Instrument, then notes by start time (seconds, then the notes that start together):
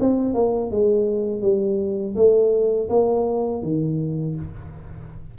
tuba
0.00 C4
0.34 A#3
0.71 G#3
1.42 G3
2.16 A3
2.89 A#3
3.63 D#3